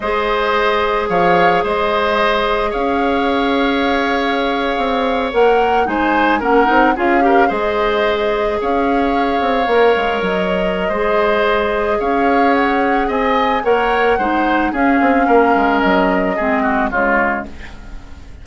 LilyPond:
<<
  \new Staff \with { instrumentName = "flute" } { \time 4/4 \tempo 4 = 110 dis''2 f''4 dis''4~ | dis''4 f''2.~ | f''4.~ f''16 fis''4 gis''4 fis''16~ | fis''8. f''4 dis''2 f''16~ |
f''2~ f''8. dis''4~ dis''16~ | dis''2 f''4 fis''4 | gis''4 fis''2 f''4~ | f''4 dis''2 cis''4 | }
  \new Staff \with { instrumentName = "oboe" } { \time 4/4 c''2 cis''4 c''4~ | c''4 cis''2.~ | cis''2~ cis''8. c''4 ais'16~ | ais'8. gis'8 ais'8 c''2 cis''16~ |
cis''1 | c''2 cis''2 | dis''4 cis''4 c''4 gis'4 | ais'2 gis'8 fis'8 f'4 | }
  \new Staff \with { instrumentName = "clarinet" } { \time 4/4 gis'1~ | gis'1~ | gis'4.~ gis'16 ais'4 dis'4 cis'16~ | cis'16 dis'8 f'8 g'8 gis'2~ gis'16~ |
gis'4.~ gis'16 ais'2~ ais'16 | gis'1~ | gis'4 ais'4 dis'4 cis'4~ | cis'2 c'4 gis4 | }
  \new Staff \with { instrumentName = "bassoon" } { \time 4/4 gis2 f4 gis4~ | gis4 cis'2.~ | cis'8. c'4 ais4 gis4 ais16~ | ais16 c'8 cis'4 gis2 cis'16~ |
cis'4~ cis'16 c'8 ais8 gis8 fis4~ fis16 | gis2 cis'2 | c'4 ais4 gis4 cis'8 c'8 | ais8 gis8 fis4 gis4 cis4 | }
>>